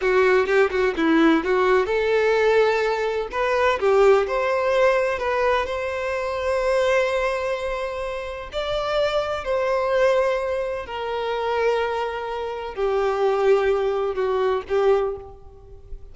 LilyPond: \new Staff \with { instrumentName = "violin" } { \time 4/4 \tempo 4 = 127 fis'4 g'8 fis'8 e'4 fis'4 | a'2. b'4 | g'4 c''2 b'4 | c''1~ |
c''2 d''2 | c''2. ais'4~ | ais'2. g'4~ | g'2 fis'4 g'4 | }